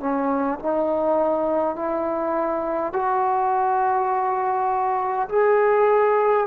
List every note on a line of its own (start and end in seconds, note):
0.00 0.59 C#4
0.59 1.76 D#4
1.76 2.93 E4
2.93 5.28 F#4
5.29 6.47 G#4